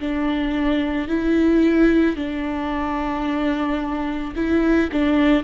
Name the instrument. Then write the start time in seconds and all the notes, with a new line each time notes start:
viola
0.00 D4
1.08 E4
2.16 D4
4.35 E4
4.92 D4